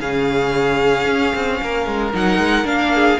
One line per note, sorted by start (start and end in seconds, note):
0.00 1.06 C#3
0.00 2.13 C#4
0.00 1.60 G#4
0.00 2.13 F5
1.06 1.33 C#4
1.35 1.61 C4
1.62 1.87 A#3
1.62 2.94 A#4
1.87 2.13 G#3
2.13 2.38 F#3
2.13 2.64 D#4
2.13 2.67 F#5
2.38 2.64 G#3
2.64 3.17 A#3
2.64 3.18 D4
2.64 3.20 F5
2.94 3.20 G#4